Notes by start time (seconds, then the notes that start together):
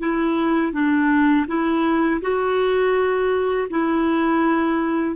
0.00 E4
0.73 D4
1.48 E4
2.22 F#4
3.71 E4